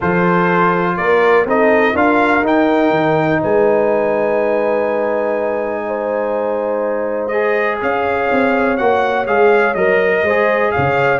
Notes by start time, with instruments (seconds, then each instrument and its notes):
0.00 tuba F3, trombone F4, horn A4, trumpet C5
0.96 tuba A#3, horn A#4, trumpet D5
1.45 tuba C4, trombone D#4, horn A4, trumpet D#5
1.93 tuba D4, trombone F4, horn A#4, trumpet F5
2.42 tuba D#4, trombone D#4, trumpet G5
2.90 tuba D#3
3.41 tuba G#3, horn B4, trumpet G#5
5.87 horn C5
7.27 trombone G#4, trumpet D#5
7.82 tuba C#4, horn C#5, trumpet F5
8.31 tuba C4
8.77 tuba A#3, trombone F#4, trumpet F#5
9.26 tuba G#3, trombone G#4, trumpet F5
9.74 tuba F#3, trombone A#4, trumpet D#5
10.22 tuba G#3, trombone G#4, horn C5
10.71 horn C#5, trumpet F5
10.77 tuba C#3